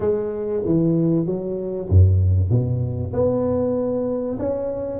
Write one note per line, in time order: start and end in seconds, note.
0.00 0.62 G#3
0.65 1.26 E3
1.26 1.88 F#3
1.88 2.50 F#2
2.50 3.12 B2
3.12 4.38 B3
4.39 4.99 C#4